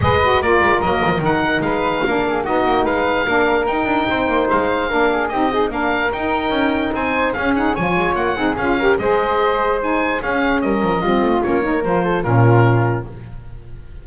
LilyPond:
<<
  \new Staff \with { instrumentName = "oboe" } { \time 4/4 \tempo 4 = 147 dis''4 d''4 dis''4 fis''4 | f''2 dis''4 f''4~ | f''4 g''2 f''4~ | f''4 dis''4 f''4 g''4~ |
g''4 gis''4 f''8 fis''8 gis''4 | fis''4 f''4 dis''2 | gis''4 f''4 dis''2 | cis''4 c''4 ais'2 | }
  \new Staff \with { instrumentName = "flute" } { \time 4/4 b'4 ais'2. | b'4 ais'8 gis'8 fis'4 b'4 | ais'2 c''2 | ais'8 gis'8 g'8 dis'8 ais'2~ |
ais'4 c''4 gis'4 cis''4~ | cis''8 gis'4 ais'8 c''2~ | c''4 gis'4 ais'4 f'4~ | f'8 ais'4 a'8 f'2 | }
  \new Staff \with { instrumentName = "saxophone" } { \time 4/4 gis'8 fis'8 f'4 ais4 dis'4~ | dis'4 d'4 dis'2 | d'4 dis'2. | d'4 dis'8 gis'8 d'4 dis'4~ |
dis'2 cis'8 dis'8 f'4~ | f'8 dis'8 f'8 g'8 gis'2 | dis'4 cis'2 c'4 | cis'8 dis'8 f'4 cis'2 | }
  \new Staff \with { instrumentName = "double bass" } { \time 4/4 gis4 ais8 gis8 fis8 f8 dis4 | gis4 ais4 b8 ais8 gis4 | ais4 dis'8 d'8 c'8 ais8 gis4 | ais4 c'4 ais4 dis'4 |
cis'4 c'4 cis'4 f8 gis8 | ais8 c'8 cis'4 gis2~ | gis4 cis'4 g8 f8 g8 a8 | ais4 f4 ais,2 | }
>>